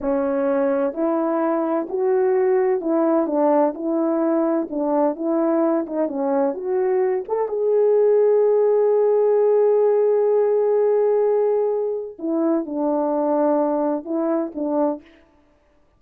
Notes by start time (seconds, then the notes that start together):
0.00 C#4
0.93 E4
1.89 F#4
2.80 E4
3.26 D4
3.74 E4
4.69 D4
5.15 E4
5.86 D#4
6.08 C#4
6.53 F#4
7.28 A4
7.48 G#4
12.18 E4
12.65 D4
14.04 E4
14.54 D4